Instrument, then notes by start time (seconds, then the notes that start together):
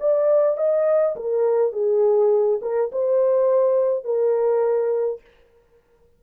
horn
0.00 D5
0.57 D#5
1.16 A#4
1.73 G#4
2.62 A#4
2.92 C5
4.04 A#4